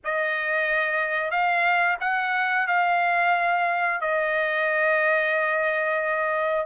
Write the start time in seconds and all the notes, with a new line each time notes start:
0.04 D#5
1.30 F5
2.00 F#5
2.67 F5
4.00 D#5